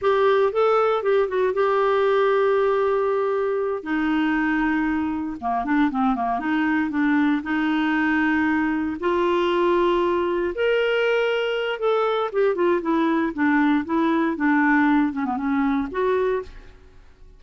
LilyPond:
\new Staff \with { instrumentName = "clarinet" } { \time 4/4 \tempo 4 = 117 g'4 a'4 g'8 fis'8 g'4~ | g'2.~ g'8 dis'8~ | dis'2~ dis'8 ais8 d'8 c'8 | ais8 dis'4 d'4 dis'4.~ |
dis'4. f'2~ f'8~ | f'8 ais'2~ ais'8 a'4 | g'8 f'8 e'4 d'4 e'4 | d'4. cis'16 b16 cis'4 fis'4 | }